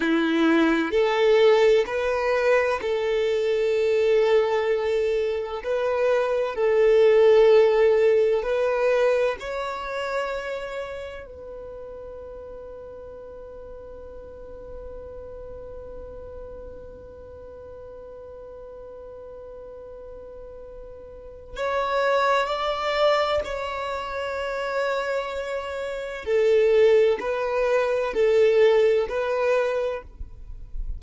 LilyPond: \new Staff \with { instrumentName = "violin" } { \time 4/4 \tempo 4 = 64 e'4 a'4 b'4 a'4~ | a'2 b'4 a'4~ | a'4 b'4 cis''2 | b'1~ |
b'1~ | b'2. cis''4 | d''4 cis''2. | a'4 b'4 a'4 b'4 | }